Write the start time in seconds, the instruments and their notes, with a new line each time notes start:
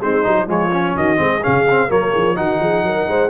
0.00 tuba G#3, trombone C4, horn D#4, trumpet C5
0.23 tuba F#3, trombone D#4
0.47 tuba F3, trombone G#3, horn F4, trumpet C#5
0.72 trombone C#4
0.95 tuba D#3, horn F#4, trumpet D#5
1.16 tuba G#3, trombone C4, horn G#4
1.42 tuba C#3, trombone C#4, trumpet F5
1.70 trombone C4
1.87 tuba F#3, trombone A#3, horn A#4, trumpet C#5
2.10 tuba F3, horn G#4
2.35 tuba D#3, trombone D#4, horn F#4, trumpet F#5
2.60 tuba F3, horn G#4
2.83 tuba F#3, horn A#4
3.07 tuba G#3, horn C5